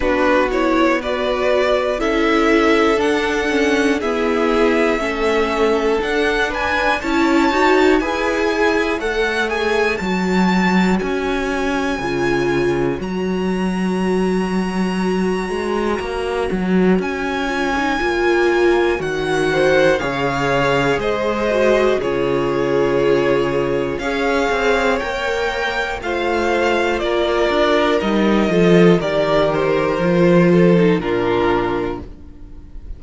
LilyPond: <<
  \new Staff \with { instrumentName = "violin" } { \time 4/4 \tempo 4 = 60 b'8 cis''8 d''4 e''4 fis''4 | e''2 fis''8 gis''8 a''4 | gis''4 fis''8 gis''8 a''4 gis''4~ | gis''4 ais''2.~ |
ais''4 gis''2 fis''4 | f''4 dis''4 cis''2 | f''4 g''4 f''4 d''4 | dis''4 d''8 c''4. ais'4 | }
  \new Staff \with { instrumentName = "violin" } { \time 4/4 fis'4 b'4 a'2 | gis'4 a'4. b'8 cis''4 | b'8 cis''2.~ cis''8~ | cis''1~ |
cis''2.~ cis''8 c''8 | cis''4 c''4 gis'2 | cis''2 c''4 ais'4~ | ais'8 a'8 ais'4. a'8 f'4 | }
  \new Staff \with { instrumentName = "viola" } { \time 4/4 d'8 e'8 fis'4 e'4 d'8 cis'8 | b4 cis'4 d'4 e'8 fis'8 | gis'4 a'8 gis'8 fis'2 | f'4 fis'2.~ |
fis'4. f'16 dis'16 f'4 fis'4 | gis'4. fis'8 f'2 | gis'4 ais'4 f'2 | dis'8 f'8 g'4 f'8. dis'16 d'4 | }
  \new Staff \with { instrumentName = "cello" } { \time 4/4 b2 cis'4 d'4 | e'4 a4 d'4 cis'8 dis'8 | e'4 a4 fis4 cis'4 | cis4 fis2~ fis8 gis8 |
ais8 fis8 cis'4 ais4 dis4 | cis4 gis4 cis2 | cis'8 c'8 ais4 a4 ais8 d'8 | g8 f8 dis4 f4 ais,4 | }
>>